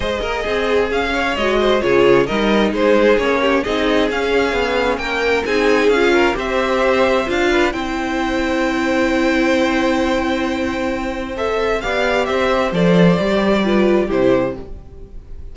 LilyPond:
<<
  \new Staff \with { instrumentName = "violin" } { \time 4/4 \tempo 4 = 132 dis''2 f''4 dis''4 | cis''4 dis''4 c''4 cis''4 | dis''4 f''2 g''4 | gis''4 f''4 e''2 |
f''4 g''2.~ | g''1~ | g''4 e''4 f''4 e''4 | d''2. c''4 | }
  \new Staff \with { instrumentName = "violin" } { \time 4/4 c''8 ais'8 gis'4. cis''4 c''8 | gis'4 ais'4 gis'4. g'8 | gis'2. ais'4 | gis'4. ais'8 c''2~ |
c''8 b'8 c''2.~ | c''1~ | c''2 d''4 c''4~ | c''2 b'4 g'4 | }
  \new Staff \with { instrumentName = "viola" } { \time 4/4 gis'2. fis'4 | f'4 dis'2 cis'4 | dis'4 cis'2. | dis'4 f'4 g'2 |
f'4 e'2.~ | e'1~ | e'4 a'4 g'2 | a'4 g'4 f'4 e'4 | }
  \new Staff \with { instrumentName = "cello" } { \time 4/4 gis8 ais8 c'4 cis'4 gis4 | cis4 g4 gis4 ais4 | c'4 cis'4 b4 ais4 | c'4 cis'4 c'2 |
d'4 c'2.~ | c'1~ | c'2 b4 c'4 | f4 g2 c4 | }
>>